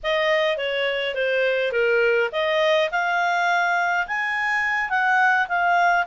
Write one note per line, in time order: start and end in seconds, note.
0.03 0.57 D#5
0.57 1.14 C#5
1.15 1.72 C5
1.72 2.29 A#4
2.32 2.90 D#5
2.91 4.06 F5
4.07 4.89 G#5
4.89 5.47 F#5
5.48 6.06 F5